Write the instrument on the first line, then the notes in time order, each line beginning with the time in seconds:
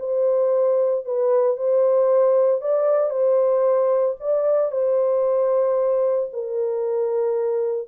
horn
0.00 C5
1.06 B4
1.57 C5
2.61 D5
3.10 C5
4.20 D5
4.72 C5
6.33 A#4